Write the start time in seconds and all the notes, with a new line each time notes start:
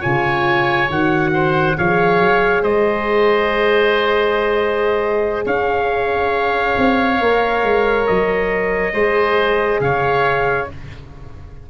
0.00 C#3 F4 C#5 G#5
0.90 D#3 F#4 F#5
1.34 C5
1.78 F3 G#4 C#5 F5
2.20 F#3
2.63 G#3 C5 D#5
5.46 C#4 C#5 F5
6.78 C4
7.20 A#3 A#4
7.63 G#3
8.07 F#3 D#5
8.93 G#3 G#4 C5
9.80 C#3 C#5 F5